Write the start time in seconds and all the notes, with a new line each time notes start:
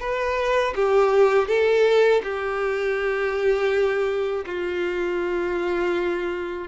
0.00 B4
0.75 G4
1.48 A4
2.23 G4
4.46 F4